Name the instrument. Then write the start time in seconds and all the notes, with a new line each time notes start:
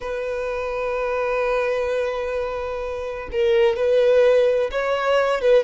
violin
0.00 B4
3.32 A#4
3.76 B4
4.71 C#5
5.41 B4